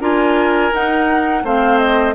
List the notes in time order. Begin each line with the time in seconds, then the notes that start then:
0.00 D4 F4 A#4 G#5
0.72 D#4 F#5
1.43 A3 C4 C5 F5
1.78 D#5